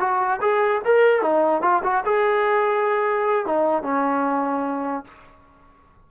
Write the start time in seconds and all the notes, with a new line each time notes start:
0.00 F#4
0.42 G#4
0.85 A#4
1.22 D#4
1.62 F4
1.84 F#4
2.06 G#4
3.46 D#4
3.83 C#4